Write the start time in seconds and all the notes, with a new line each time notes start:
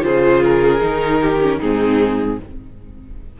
0.00 C#3 F4 G#4 C5
0.43 A#4
0.80 D#3 D#4
1.20 G4
1.41 C#4
1.58 G#2 C4 D#4 G#4